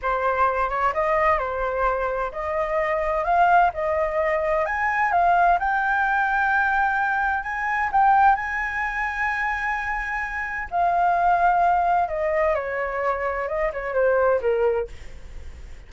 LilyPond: \new Staff \with { instrumentName = "flute" } { \time 4/4 \tempo 4 = 129 c''4. cis''8 dis''4 c''4~ | c''4 dis''2 f''4 | dis''2 gis''4 f''4 | g''1 |
gis''4 g''4 gis''2~ | gis''2. f''4~ | f''2 dis''4 cis''4~ | cis''4 dis''8 cis''8 c''4 ais'4 | }